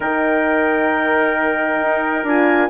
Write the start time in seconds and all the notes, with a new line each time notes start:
0.00 D#3 D#4 A#4 G5
1.81 D#4
2.23 D4 F4 G#5